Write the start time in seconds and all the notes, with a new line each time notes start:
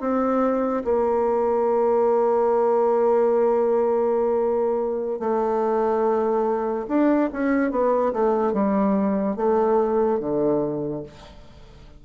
0.00 C4
0.84 A#3
5.19 A3
6.88 D4
7.32 C#4
7.70 B3
8.13 A3
8.53 G3
9.36 A3
10.19 D3